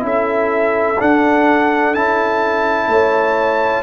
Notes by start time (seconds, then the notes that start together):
0.00 C#4 E4 A4
0.07 E5
0.99 D4 F#5
1.94 C#4 E4 A5
2.88 A3 C#5